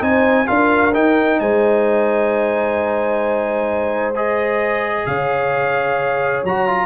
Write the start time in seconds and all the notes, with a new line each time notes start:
0.00 C4 D#4 C5 G#5
0.46 D4 F4 A#4 F5
0.93 D#4 G5
1.39 G#3 C5 G#5
4.15 G#4 D#5
5.06 C#3 C#5 F5
6.43 F#3 F#4 A#5
6.67 F4